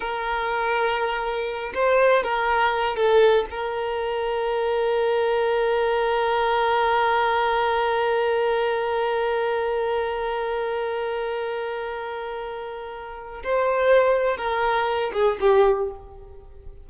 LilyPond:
\new Staff \with { instrumentName = "violin" } { \time 4/4 \tempo 4 = 121 ais'2.~ ais'8 c''8~ | c''8 ais'4. a'4 ais'4~ | ais'1~ | ais'1~ |
ais'1~ | ais'1~ | ais'2. c''4~ | c''4 ais'4. gis'8 g'4 | }